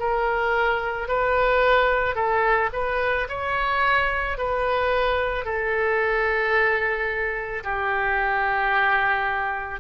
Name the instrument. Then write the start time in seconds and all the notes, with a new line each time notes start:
oboe
0.00 A#4
1.08 B4
2.15 A4
2.73 B4
3.29 C#5
4.38 B4
5.45 A4
7.64 G4